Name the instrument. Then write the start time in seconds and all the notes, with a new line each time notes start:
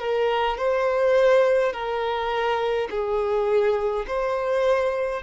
violin
0.00 A#4
0.58 C5
1.73 A#4
2.91 G#4
4.08 C5